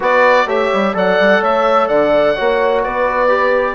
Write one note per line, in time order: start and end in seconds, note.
0.00 0.46 B3
0.00 0.47 F#4
0.00 0.47 B4
0.00 0.48 D5
0.46 0.69 A3
0.46 0.94 G4
0.46 0.94 C#5
0.46 0.96 E5
0.73 0.94 G3
0.94 1.18 F#3
0.94 2.36 A4
0.94 1.40 D5
0.94 1.43 F#5
1.19 1.41 G3
1.40 1.88 A3
1.40 1.88 C#5
1.40 1.87 E5
1.87 2.35 D3
1.87 2.35 D5
1.87 2.82 F#5
2.35 2.85 A#3
2.35 3.28 F#4
2.35 2.82 C#5
2.82 3.75 B3
2.82 3.75 B4
2.82 3.75 D5
3.28 3.75 G4